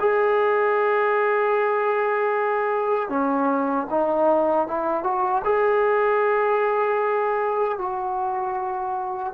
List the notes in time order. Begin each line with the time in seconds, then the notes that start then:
0.00 G#4
3.09 C#4
3.90 D#4
4.68 E4
5.03 F#4
5.44 G#4
7.78 F#4